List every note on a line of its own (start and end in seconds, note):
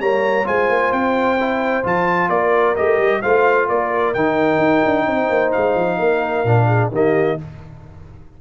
0.00 0.46 G3
0.00 0.45 A#3
0.00 0.47 C#5
0.00 0.47 A#5
0.45 0.69 G#3
0.45 1.37 F4
0.45 2.31 C5
0.45 0.92 G#5
0.69 0.92 A#3
0.92 1.84 C4
0.92 1.85 G5
1.40 1.84 E4
1.84 2.29 F3
1.84 2.76 F4
1.84 2.30 A5
2.29 2.76 A#3
2.29 3.22 A#4
2.29 2.76 D5
2.76 2.98 A3
2.76 3.23 G4
2.76 3.22 D#5
2.98 3.22 G3
3.22 3.69 A3
3.22 4.15 F4
3.22 3.68 C5
3.22 3.68 F5
3.69 4.15 A#3
3.69 5.07 A#4
3.69 4.14 D5
4.14 4.58 D#3
4.14 6.46 D#4
4.14 5.52 G5
4.58 4.81 D#4
4.85 5.07 D4
5.07 5.30 C4
5.07 6.00 C5
5.30 5.53 A#3
5.52 5.76 G#3
5.52 6.90 F5
5.76 5.99 F3
5.99 6.44 A#3
5.99 6.67 A#4
6.44 6.90 A#2
6.44 6.92 D4
6.67 6.90 G#4
6.91 7.37 D#3
6.91 7.38 A#3
6.91 7.39 G4
6.91 7.41 D#5